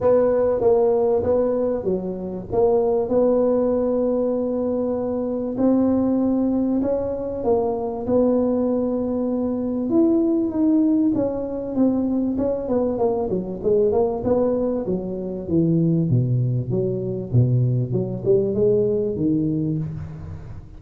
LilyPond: \new Staff \with { instrumentName = "tuba" } { \time 4/4 \tempo 4 = 97 b4 ais4 b4 fis4 | ais4 b2.~ | b4 c'2 cis'4 | ais4 b2. |
e'4 dis'4 cis'4 c'4 | cis'8 b8 ais8 fis8 gis8 ais8 b4 | fis4 e4 b,4 fis4 | b,4 fis8 g8 gis4 dis4 | }